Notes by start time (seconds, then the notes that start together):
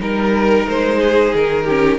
0.00 G3 D#4 A#4
0.68 G#3 C5
0.99 G#4
1.34 D#3 A#4
1.64 C#4 G4